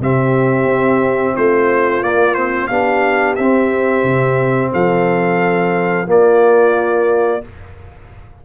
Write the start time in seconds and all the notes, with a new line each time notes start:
0.00 C3 C4 G4 E5
0.65 C4
1.35 A3 F4 C5
2.02 A#3 D5
2.35 C4 C5
2.67 B3 D4 G4 F5
3.36 C4 E5
4.04 C3
4.73 F3 A4 F5
6.07 A#3 F4 D5